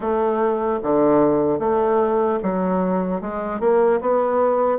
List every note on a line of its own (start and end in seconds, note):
0.00 0.79 A3
0.83 1.59 D3
1.59 2.39 A3
2.42 3.21 F#3
3.21 3.60 G#3
3.60 4.00 A#3
4.00 4.78 B3